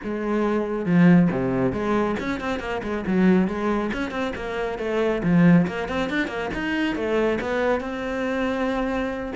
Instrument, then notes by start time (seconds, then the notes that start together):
cello
0.03 G#3
0.85 F3
1.31 C3
1.72 G#3
2.19 C#4
2.40 C4
2.59 A#3
2.82 G#3
3.07 F#3
3.47 G#3
3.93 C#4
4.10 C4
4.35 A#3
4.78 A3
5.23 F3
5.67 A#3
5.88 C4
6.09 D4
6.27 A#3
6.54 D#4
6.95 A3
7.40 B3
7.80 C4